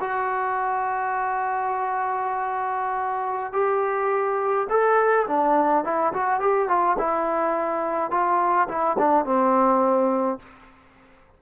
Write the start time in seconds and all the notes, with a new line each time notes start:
0.00 F#4
3.52 G4
4.69 A4
5.27 D4
5.84 E4
6.13 F#4
6.40 G4
6.68 F4
6.98 E4
8.11 F4
8.68 E4
8.98 D4
9.25 C4